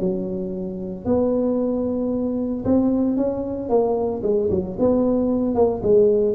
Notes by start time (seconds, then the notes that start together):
0.00 F#3
1.05 B3
2.65 C4
3.17 C#4
3.69 A#3
4.23 G#3
4.51 F#3
4.79 B3
5.55 A#3
5.83 G#3